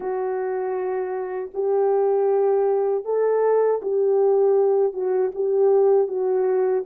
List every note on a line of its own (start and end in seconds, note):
0.00 1.50 F#4
1.54 3.04 G4
3.04 3.80 A4
3.82 4.93 G4
4.93 5.31 F#4
5.34 6.08 G4
6.08 6.84 F#4